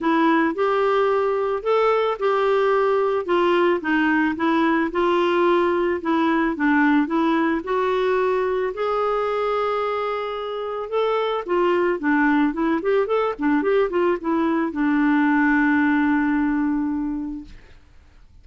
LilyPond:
\new Staff \with { instrumentName = "clarinet" } { \time 4/4 \tempo 4 = 110 e'4 g'2 a'4 | g'2 f'4 dis'4 | e'4 f'2 e'4 | d'4 e'4 fis'2 |
gis'1 | a'4 f'4 d'4 e'8 g'8 | a'8 d'8 g'8 f'8 e'4 d'4~ | d'1 | }